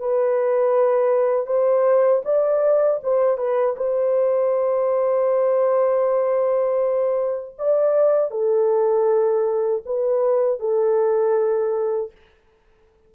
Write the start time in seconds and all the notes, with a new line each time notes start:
0.00 B4
1.47 C5
2.25 D5
3.03 C5
3.38 B4
3.77 C5
7.59 D5
8.31 A4
9.86 B4
10.60 A4